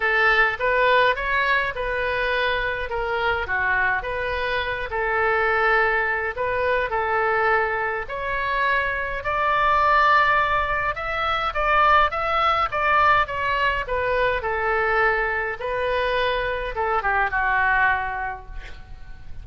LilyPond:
\new Staff \with { instrumentName = "oboe" } { \time 4/4 \tempo 4 = 104 a'4 b'4 cis''4 b'4~ | b'4 ais'4 fis'4 b'4~ | b'8 a'2~ a'8 b'4 | a'2 cis''2 |
d''2. e''4 | d''4 e''4 d''4 cis''4 | b'4 a'2 b'4~ | b'4 a'8 g'8 fis'2 | }